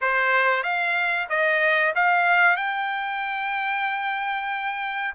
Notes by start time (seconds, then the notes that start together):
0.01 C5
0.63 F5
1.29 D#5
1.95 F5
2.56 G5